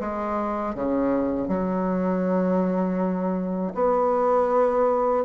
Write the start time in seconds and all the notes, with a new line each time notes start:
0.00 G#3
0.75 C#3
1.48 F#3
3.74 B3